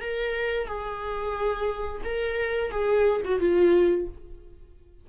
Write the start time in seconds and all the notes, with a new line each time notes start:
0.00 A#4
0.66 G#4
2.04 A#4
2.71 G#4
3.24 F#4
3.40 F4